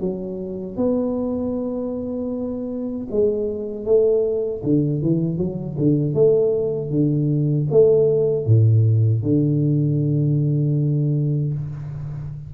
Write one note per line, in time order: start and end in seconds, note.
0.00 0.77 F#3
0.77 3.07 B3
3.10 3.85 G#3
3.85 4.62 A3
4.64 5.02 D3
5.02 5.38 E3
5.38 5.76 F#3
5.78 6.14 D3
6.14 6.90 A3
6.90 7.67 D3
7.71 8.46 A3
8.46 9.23 A2
9.23 11.53 D3